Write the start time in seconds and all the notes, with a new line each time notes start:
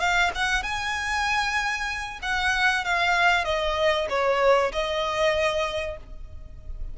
0.00 F5
0.35 F#5
0.63 G#5
2.22 F#5
2.85 F5
3.45 D#5
4.10 C#5
4.72 D#5